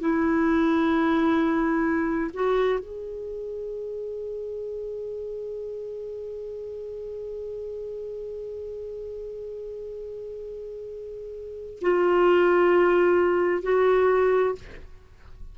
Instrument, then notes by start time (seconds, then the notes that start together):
clarinet
0.00 E4
2.33 F#4
2.79 G#4
11.81 F4
13.62 F#4